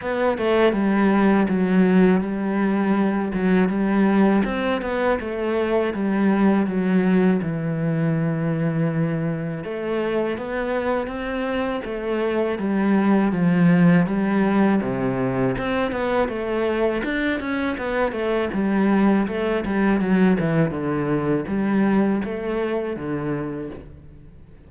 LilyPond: \new Staff \with { instrumentName = "cello" } { \time 4/4 \tempo 4 = 81 b8 a8 g4 fis4 g4~ | g8 fis8 g4 c'8 b8 a4 | g4 fis4 e2~ | e4 a4 b4 c'4 |
a4 g4 f4 g4 | c4 c'8 b8 a4 d'8 cis'8 | b8 a8 g4 a8 g8 fis8 e8 | d4 g4 a4 d4 | }